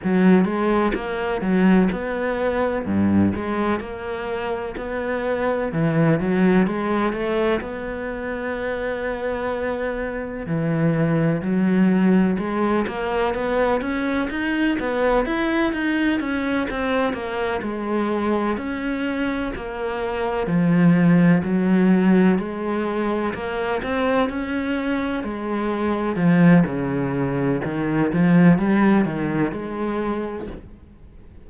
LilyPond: \new Staff \with { instrumentName = "cello" } { \time 4/4 \tempo 4 = 63 fis8 gis8 ais8 fis8 b4 g,8 gis8 | ais4 b4 e8 fis8 gis8 a8 | b2. e4 | fis4 gis8 ais8 b8 cis'8 dis'8 b8 |
e'8 dis'8 cis'8 c'8 ais8 gis4 cis'8~ | cis'8 ais4 f4 fis4 gis8~ | gis8 ais8 c'8 cis'4 gis4 f8 | cis4 dis8 f8 g8 dis8 gis4 | }